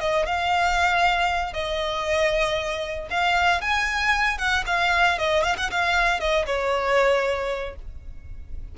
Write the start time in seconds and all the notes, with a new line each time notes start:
0.00 D#5
0.26 F5
1.53 D#5
3.10 F5
3.61 G#5
4.38 F#5
4.66 F5
5.18 D#5
5.43 F5
5.57 F#5
5.71 F5
6.20 D#5
6.46 C#5